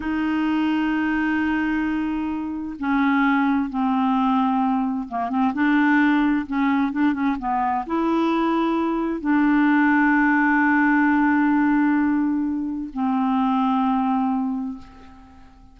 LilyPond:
\new Staff \with { instrumentName = "clarinet" } { \time 4/4 \tempo 4 = 130 dis'1~ | dis'2 cis'2 | c'2. ais8 c'8 | d'2 cis'4 d'8 cis'8 |
b4 e'2. | d'1~ | d'1 | c'1 | }